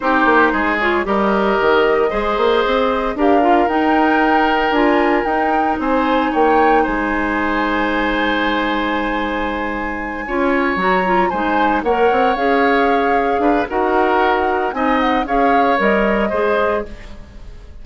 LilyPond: <<
  \new Staff \with { instrumentName = "flute" } { \time 4/4 \tempo 4 = 114 c''4. cis''8 dis''2~ | dis''2 f''4 g''4~ | g''4 gis''4 g''4 gis''4 | g''4 gis''2.~ |
gis''1~ | gis''8 ais''4 gis''4 fis''4 f''8~ | f''2 fis''2 | gis''8 fis''8 f''4 dis''2 | }
  \new Staff \with { instrumentName = "oboe" } { \time 4/4 g'4 gis'4 ais'2 | c''2 ais'2~ | ais'2. c''4 | cis''4 c''2.~ |
c''2.~ c''8 cis''8~ | cis''4. c''4 cis''4.~ | cis''4. b'8 ais'2 | dis''4 cis''2 c''4 | }
  \new Staff \with { instrumentName = "clarinet" } { \time 4/4 dis'4. f'8 g'2 | gis'2 g'8 f'8 dis'4~ | dis'4 f'4 dis'2~ | dis'1~ |
dis'2.~ dis'8 f'8~ | f'8 fis'8 f'8 dis'4 ais'4 gis'8~ | gis'2 fis'2 | dis'4 gis'4 ais'4 gis'4 | }
  \new Staff \with { instrumentName = "bassoon" } { \time 4/4 c'8 ais8 gis4 g4 dis4 | gis8 ais8 c'4 d'4 dis'4~ | dis'4 d'4 dis'4 c'4 | ais4 gis2.~ |
gis2.~ gis8 cis'8~ | cis'8 fis4 gis4 ais8 c'8 cis'8~ | cis'4. d'8 dis'2 | c'4 cis'4 g4 gis4 | }
>>